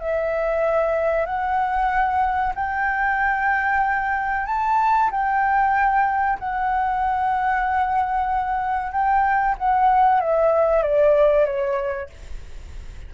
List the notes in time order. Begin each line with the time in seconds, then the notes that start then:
0.00 E5
1.26 F#5
2.55 G5
4.46 A5
5.11 G5
6.39 F#5
8.92 G5
9.58 F#5
10.20 E5
10.82 D5
11.45 C#5